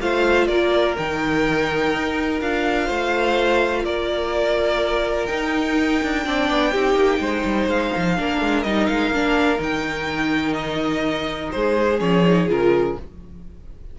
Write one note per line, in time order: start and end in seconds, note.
0.00 0.48 A3
0.00 0.97 F4
0.00 0.48 C5
0.00 0.46 F5
0.46 0.96 A#3
0.46 2.86 A#4
0.46 0.94 D5
0.97 1.94 D#3
0.97 2.41 D#4
0.97 2.41 G5
1.94 2.41 D#4
2.41 2.89 D4
2.41 5.28 F4
2.41 3.85 F5
2.86 3.85 A3
2.86 3.82 C5
3.85 5.29 A#3
3.85 6.25 A#4
3.85 5.25 D5
5.25 6.24 D#4
5.25 6.01 D#4
5.25 7.66 G5
6.02 6.25 D4
6.25 6.50 C4
6.25 6.73 D4
6.25 6.71 D5
6.50 6.74 B3
6.71 6.94 C4
6.71 8.17 D#4
6.71 7.20 G4
6.94 7.18 A#3
7.19 7.43 G#3
7.19 8.16 C5
7.44 7.67 G3
7.67 7.91 G#3
7.67 8.62 F5
7.96 8.18 F3
8.17 8.41 A#3
8.17 8.65 D4
8.17 11.54 A#4
8.41 8.64 G#3
8.62 8.88 G3
8.62 9.14 D#4
8.62 8.86 D#5
8.86 9.10 G#3
8.86 9.58 F5
9.10 9.58 A#3
9.10 9.57 D4
9.57 11.51 D#3
9.57 11.97 D#4
9.57 10.53 G5
10.53 11.49 D#5
11.51 12.01 G#3
11.51 12.98 G#4
11.51 11.99 C5
11.99 12.48 F3
11.99 12.23 C#4
11.99 12.48 C#5
12.26 12.48 D#4
12.48 12.96 C#3
12.48 12.96 F4
12.48 12.98 A#4